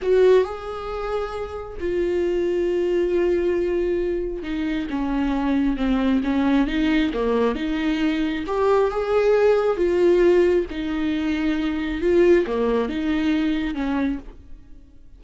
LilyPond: \new Staff \with { instrumentName = "viola" } { \time 4/4 \tempo 4 = 135 fis'4 gis'2. | f'1~ | f'2 dis'4 cis'4~ | cis'4 c'4 cis'4 dis'4 |
ais4 dis'2 g'4 | gis'2 f'2 | dis'2. f'4 | ais4 dis'2 cis'4 | }